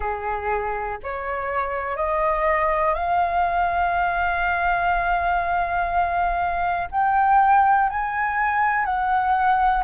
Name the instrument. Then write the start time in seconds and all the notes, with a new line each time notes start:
flute
0.00 G#4
1.03 C#5
1.96 D#5
2.94 F5
6.91 G5
7.89 G#5
8.85 F#5